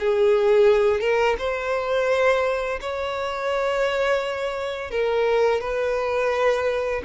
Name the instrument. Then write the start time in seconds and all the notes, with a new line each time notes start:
violin
0.00 G#4
1.01 A#4
1.39 C5
2.81 C#5
4.91 A#4
5.61 B4